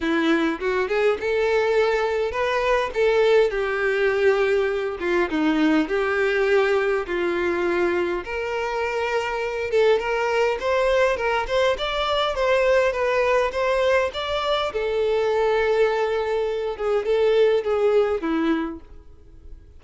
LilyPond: \new Staff \with { instrumentName = "violin" } { \time 4/4 \tempo 4 = 102 e'4 fis'8 gis'8 a'2 | b'4 a'4 g'2~ | g'8 f'8 dis'4 g'2 | f'2 ais'2~ |
ais'8 a'8 ais'4 c''4 ais'8 c''8 | d''4 c''4 b'4 c''4 | d''4 a'2.~ | a'8 gis'8 a'4 gis'4 e'4 | }